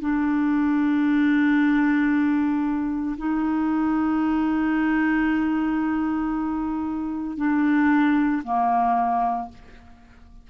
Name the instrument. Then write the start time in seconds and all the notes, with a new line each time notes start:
clarinet
0.00 D4
3.17 D#4
7.37 D4
8.44 A#3